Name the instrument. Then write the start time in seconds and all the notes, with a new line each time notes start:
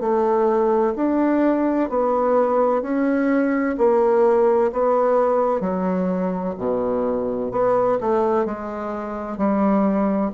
bassoon
0.00 A3
0.96 D4
1.89 B3
2.82 C#4
3.78 A#3
4.72 B3
5.60 F#3
6.58 B2
7.51 B3
8.00 A3
8.45 G#3
9.37 G3